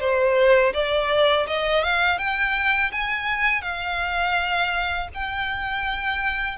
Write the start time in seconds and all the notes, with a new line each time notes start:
0.00 C5
0.74 D5
1.47 D#5
1.84 F5
2.19 G5
2.92 G#5
3.62 F5
5.15 G5